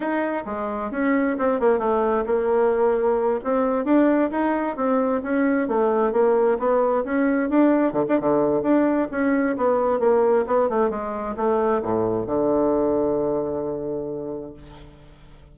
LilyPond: \new Staff \with { instrumentName = "bassoon" } { \time 4/4 \tempo 4 = 132 dis'4 gis4 cis'4 c'8 ais8 | a4 ais2~ ais8 c'8~ | c'8 d'4 dis'4 c'4 cis'8~ | cis'8 a4 ais4 b4 cis'8~ |
cis'8 d'4 d16 d'16 d4 d'4 | cis'4 b4 ais4 b8 a8 | gis4 a4 a,4 d4~ | d1 | }